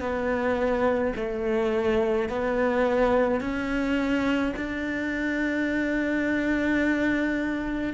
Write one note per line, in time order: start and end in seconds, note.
0.00 1.13 B3
1.16 2.29 A3
2.29 3.41 B3
3.41 4.54 C#4
4.56 7.93 D4